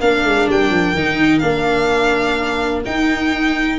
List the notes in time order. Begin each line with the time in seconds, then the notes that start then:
0.00 A#3 D4 A#4 F5
0.23 G#3
0.48 G3 G5
0.70 F3
0.94 D#3 D#4
1.38 A#3 D4 F5
2.85 D#4 G5